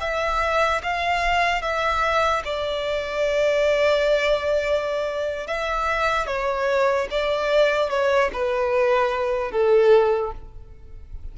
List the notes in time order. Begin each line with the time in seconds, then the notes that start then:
0.00 E5
0.83 F5
1.61 E5
2.44 D5
5.47 E5
6.26 C#5
7.10 D5
7.90 C#5
8.33 B4
9.51 A4